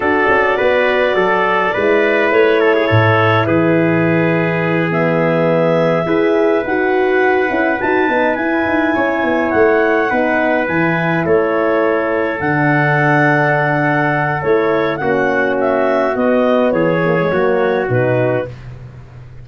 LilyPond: <<
  \new Staff \with { instrumentName = "clarinet" } { \time 4/4 \tempo 4 = 104 d''1 | cis''2 b'2~ | b'8 e''2. fis''8~ | fis''4. a''4 gis''4.~ |
gis''8 fis''2 gis''4 cis''8~ | cis''4. fis''2~ fis''8~ | fis''4 cis''4 fis''4 e''4 | dis''4 cis''2 b'4 | }
  \new Staff \with { instrumentName = "trumpet" } { \time 4/4 a'4 b'4 a'4 b'4~ | b'8 a'16 gis'16 a'4 gis'2~ | gis'2~ gis'8 b'4.~ | b'2.~ b'8 cis''8~ |
cis''4. b'2 a'8~ | a'1~ | a'2 fis'2~ | fis'4 gis'4 fis'2 | }
  \new Staff \with { instrumentName = "horn" } { \time 4/4 fis'2. e'4~ | e'1~ | e'8 b2 gis'4 fis'8~ | fis'4 e'8 fis'8 dis'8 e'4.~ |
e'4. dis'4 e'4.~ | e'4. d'2~ d'8~ | d'4 e'4 cis'2 | b4. ais16 gis16 ais4 dis'4 | }
  \new Staff \with { instrumentName = "tuba" } { \time 4/4 d'8 cis'8 b4 fis4 gis4 | a4 a,4 e2~ | e2~ e8 e'4 dis'8~ | dis'4 cis'8 dis'8 b8 e'8 dis'8 cis'8 |
b8 a4 b4 e4 a8~ | a4. d2~ d8~ | d4 a4 ais2 | b4 e4 fis4 b,4 | }
>>